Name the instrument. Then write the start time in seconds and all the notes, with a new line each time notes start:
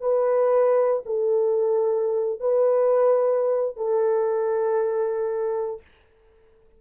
horn
0.00 B4
1.05 A4
2.40 B4
3.76 A4